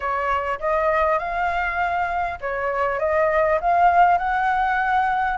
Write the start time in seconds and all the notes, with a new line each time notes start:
0.00 C#5
0.59 D#5
1.18 F5
2.40 C#5
2.99 D#5
3.61 F5
4.18 F#5